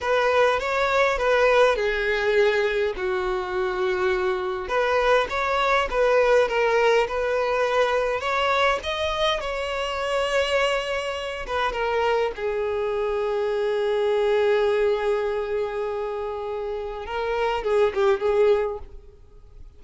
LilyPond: \new Staff \with { instrumentName = "violin" } { \time 4/4 \tempo 4 = 102 b'4 cis''4 b'4 gis'4~ | gis'4 fis'2. | b'4 cis''4 b'4 ais'4 | b'2 cis''4 dis''4 |
cis''2.~ cis''8 b'8 | ais'4 gis'2.~ | gis'1~ | gis'4 ais'4 gis'8 g'8 gis'4 | }